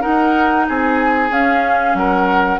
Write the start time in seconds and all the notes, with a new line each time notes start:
0.00 D#4 A#4 F#5
0.07 D#4
0.68 C4 G#4 G#5
1.30 C#4 F5
1.94 F#3 A#4 F#5